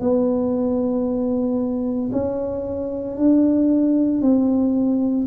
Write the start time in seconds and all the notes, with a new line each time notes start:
0.00 B3
2.12 C#4
3.17 D4
4.22 C4